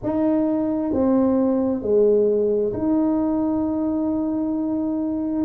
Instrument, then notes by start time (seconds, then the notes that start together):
tuba
0.03 D#4
0.93 C4
1.82 G#3
2.73 D#4